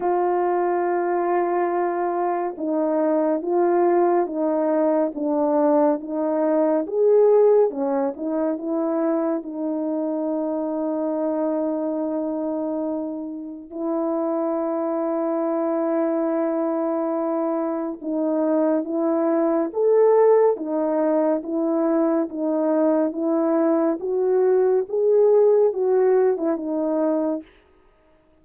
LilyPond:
\new Staff \with { instrumentName = "horn" } { \time 4/4 \tempo 4 = 70 f'2. dis'4 | f'4 dis'4 d'4 dis'4 | gis'4 cis'8 dis'8 e'4 dis'4~ | dis'1 |
e'1~ | e'4 dis'4 e'4 a'4 | dis'4 e'4 dis'4 e'4 | fis'4 gis'4 fis'8. e'16 dis'4 | }